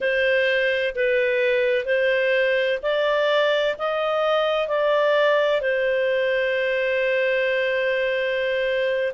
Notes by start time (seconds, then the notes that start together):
0.00 C5
0.95 B4
1.85 C5
2.82 D5
3.78 D#5
4.68 D5
5.61 C5